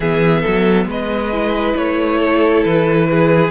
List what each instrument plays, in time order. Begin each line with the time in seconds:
0.00 cello E3, viola B3, violin G#4 E5
0.41 cello F#3, violin A4
0.85 cello G#3, violin B4 D#5
1.33 viola E4
1.76 cello A3, violin C#5
2.19 violin A4
2.63 cello E3, violin B4
3.10 violin G#4